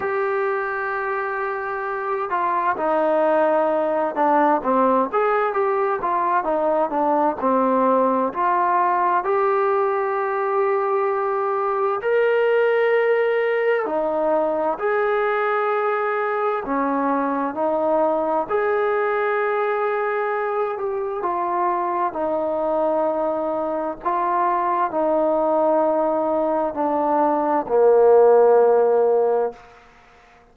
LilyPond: \new Staff \with { instrumentName = "trombone" } { \time 4/4 \tempo 4 = 65 g'2~ g'8 f'8 dis'4~ | dis'8 d'8 c'8 gis'8 g'8 f'8 dis'8 d'8 | c'4 f'4 g'2~ | g'4 ais'2 dis'4 |
gis'2 cis'4 dis'4 | gis'2~ gis'8 g'8 f'4 | dis'2 f'4 dis'4~ | dis'4 d'4 ais2 | }